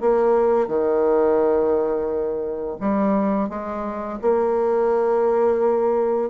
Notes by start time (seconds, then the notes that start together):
0.00 A#3
0.67 D#3
2.80 G3
3.49 G#3
4.21 A#3